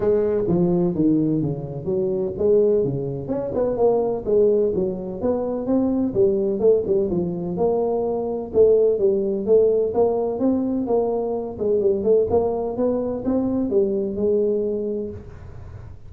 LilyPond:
\new Staff \with { instrumentName = "tuba" } { \time 4/4 \tempo 4 = 127 gis4 f4 dis4 cis4 | fis4 gis4 cis4 cis'8 b8 | ais4 gis4 fis4 b4 | c'4 g4 a8 g8 f4 |
ais2 a4 g4 | a4 ais4 c'4 ais4~ | ais8 gis8 g8 a8 ais4 b4 | c'4 g4 gis2 | }